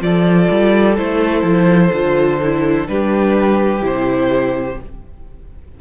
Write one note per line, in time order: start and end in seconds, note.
0.00 0.48 F3
0.00 0.95 F4
0.00 2.90 A4
0.00 0.97 D5
0.50 0.98 G3
0.97 1.42 A3
0.97 1.92 E4
0.97 2.87 C5
1.42 1.90 F3
1.92 2.87 D3
1.92 2.40 F4
2.42 2.87 E4
2.87 3.82 G3
2.87 3.81 D4
2.87 4.81 G4
2.87 3.83 B4
3.81 4.77 C3
3.81 4.76 E4
3.81 4.80 C5